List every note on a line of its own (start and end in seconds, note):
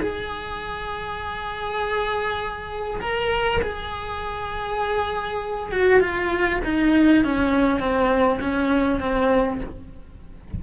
0.00 3.00 G#4
3.01 3.61 A#4
3.62 5.72 G#4
5.72 6.00 F#4
6.00 6.60 F4
6.64 7.24 D#4
7.24 7.80 C#4
7.80 8.40 C4
8.41 9.00 C#4
9.00 9.60 C4